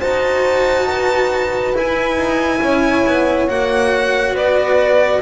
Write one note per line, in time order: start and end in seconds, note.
0.00 1.76 D#4
0.00 1.75 F#4
0.00 0.87 C5
0.00 1.75 A5
0.88 2.62 B4
1.75 3.49 E4
1.75 2.17 E4
1.75 3.49 G#5
2.17 2.60 D#4
2.62 3.05 C#4
2.62 4.34 C#5
3.06 3.49 B3
3.49 4.34 A#3
3.49 5.22 F#4
3.49 4.36 F#5
4.34 5.20 B3
4.34 5.21 B4
4.34 5.22 D5